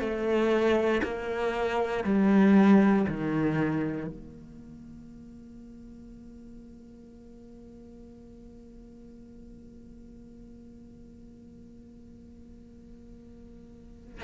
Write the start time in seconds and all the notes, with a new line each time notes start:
0.00 A3
1.04 A#3
2.04 G3
3.08 D#3
4.08 A#3